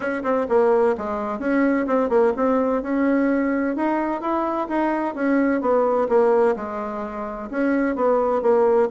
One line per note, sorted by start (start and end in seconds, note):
0.00 0.22 C#4
0.23 0.46 C4
0.48 0.95 A#3
0.97 1.39 G#3
1.39 1.86 C#4
1.86 2.09 C4
2.09 2.32 A#3
2.36 2.82 C4
2.82 3.76 C#4
3.76 4.21 D#4
4.21 4.67 E4
4.68 5.14 D#4
5.14 5.61 C#4
5.61 6.08 B3
6.09 6.55 A#3
6.55 7.49 G#3
7.50 7.95 C#4
7.95 8.42 B3
8.42 8.88 A#3